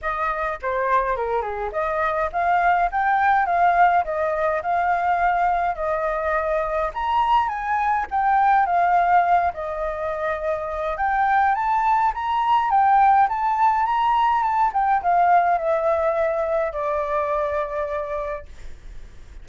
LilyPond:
\new Staff \with { instrumentName = "flute" } { \time 4/4 \tempo 4 = 104 dis''4 c''4 ais'8 gis'8 dis''4 | f''4 g''4 f''4 dis''4 | f''2 dis''2 | ais''4 gis''4 g''4 f''4~ |
f''8 dis''2~ dis''8 g''4 | a''4 ais''4 g''4 a''4 | ais''4 a''8 g''8 f''4 e''4~ | e''4 d''2. | }